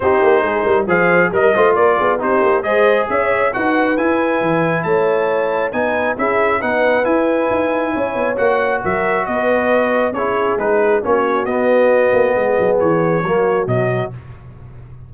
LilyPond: <<
  \new Staff \with { instrumentName = "trumpet" } { \time 4/4 \tempo 4 = 136 c''2 f''4 dis''4 | d''4 c''4 dis''4 e''4 | fis''4 gis''2 a''4~ | a''4 gis''4 e''4 fis''4 |
gis''2. fis''4 | e''4 dis''2 cis''4 | b'4 cis''4 dis''2~ | dis''4 cis''2 dis''4 | }
  \new Staff \with { instrumentName = "horn" } { \time 4/4 g'4 gis'8 ais'8 c''4 ais'8 c''8 | ais'8 gis'8 g'4 c''4 cis''4 | b'2. cis''4~ | cis''4 b'4 gis'4 b'4~ |
b'2 cis''2 | ais'4 b'2 gis'4~ | gis'4 fis'2. | gis'2 fis'2 | }
  \new Staff \with { instrumentName = "trombone" } { \time 4/4 dis'2 gis'4 ais'8 f'8~ | f'4 dis'4 gis'2 | fis'4 e'2.~ | e'4 dis'4 e'4 dis'4 |
e'2. fis'4~ | fis'2. e'4 | dis'4 cis'4 b2~ | b2 ais4 fis4 | }
  \new Staff \with { instrumentName = "tuba" } { \time 4/4 c'8 ais8 gis8 g8 f4 g8 a8 | ais8 b8 c'8 ais8 gis4 cis'4 | dis'4 e'4 e4 a4~ | a4 b4 cis'4 b4 |
e'4 dis'4 cis'8 b8 ais4 | fis4 b2 cis'4 | gis4 ais4 b4. ais8 | gis8 fis8 e4 fis4 b,4 | }
>>